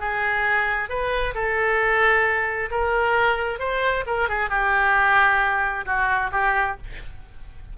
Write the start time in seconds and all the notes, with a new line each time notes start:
0.00 G#4
0.90 B4
1.35 A4
2.71 A#4
3.60 C5
4.07 A#4
4.29 G#4
4.50 G4
5.86 F#4
6.32 G4